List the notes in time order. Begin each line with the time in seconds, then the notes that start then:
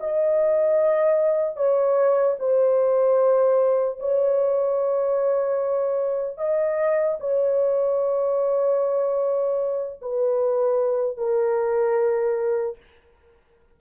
0.00 D#5
1.56 C#5
2.39 C5
3.99 C#5
6.37 D#5
7.20 C#5
10.01 B4
11.17 A#4